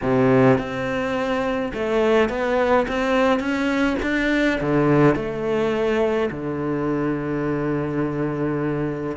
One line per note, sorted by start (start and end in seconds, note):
0.02 0.57 C3
0.57 1.72 C4
1.73 2.29 A3
2.29 2.86 B3
2.88 3.39 C4
3.39 3.96 C#4
4.02 4.59 D4
4.61 5.15 D3
5.15 6.29 A3
6.30 9.16 D3